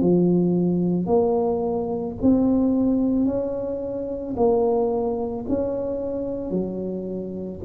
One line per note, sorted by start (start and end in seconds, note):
0.00 1.06 F3
1.06 2.15 A#3
2.22 3.25 C4
3.25 4.34 C#4
4.36 5.45 A#3
5.48 6.51 C#4
6.51 7.60 F#3